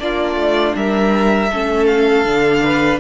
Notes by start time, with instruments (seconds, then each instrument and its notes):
0.00 cello A#3, viola D4, violin F4 D5
0.36 cello A3
0.76 cello G3, violin A#4 E5
1.51 cello A3, viola C#4, violin A4
1.87 violin F5
2.25 cello D3, viola D4
2.63 violin B4